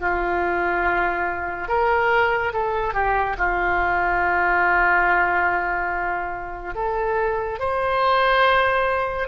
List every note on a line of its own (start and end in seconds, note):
0.00 1.68 F4
1.68 2.52 A#4
2.53 2.94 A4
2.94 3.36 G4
3.38 6.75 F4
6.75 7.59 A4
7.59 9.28 C5